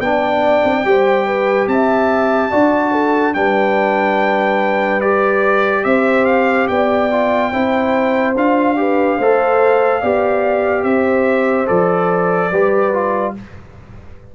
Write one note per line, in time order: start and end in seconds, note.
0.00 0.62 B3
0.00 0.85 D4
0.00 0.86 D5
0.00 1.67 G5
0.64 0.85 C4
0.85 1.67 G3
0.85 2.51 G4
0.85 1.26 C5
1.26 1.68 B4
1.67 2.50 C4
1.67 2.51 E5
1.67 3.34 A5
2.51 3.35 D4
2.51 3.34 F#4
2.51 2.92 D5
2.92 3.33 A4
3.34 5.85 G3
3.34 5.01 D4
3.34 5.85 B4
3.34 5.01 G5
5.01 7.10 G4
5.01 5.84 D5
5.84 6.68 C4
5.84 6.69 C5
5.84 6.25 E5
6.25 6.67 F5
6.67 7.53 B3
6.67 7.51 D5
6.67 8.34 G5
7.11 7.52 F4
7.51 8.35 C4
7.51 8.35 E4
7.51 8.76 C5
8.35 9.19 D4
8.35 8.76 F4
8.35 10.83 F5
8.76 9.18 G4
8.76 9.17 B4
9.17 10.02 A3
9.17 10.03 A4
9.17 10.01 C5
10.01 10.83 B3
10.01 11.66 G4
10.01 10.84 D5
10.83 11.67 C4
10.83 12.50 C5
10.83 11.67 E5
11.66 12.51 F3
11.66 12.50 A4
11.66 13.34 D5
12.50 13.34 G3
12.50 12.93 G4
12.50 13.34 B4
12.93 13.35 F4